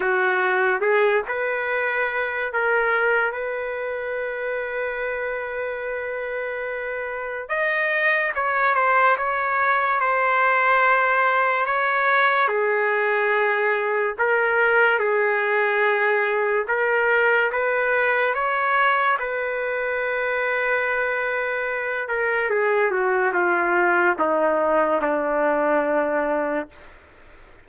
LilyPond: \new Staff \with { instrumentName = "trumpet" } { \time 4/4 \tempo 4 = 72 fis'4 gis'8 b'4. ais'4 | b'1~ | b'4 dis''4 cis''8 c''8 cis''4 | c''2 cis''4 gis'4~ |
gis'4 ais'4 gis'2 | ais'4 b'4 cis''4 b'4~ | b'2~ b'8 ais'8 gis'8 fis'8 | f'4 dis'4 d'2 | }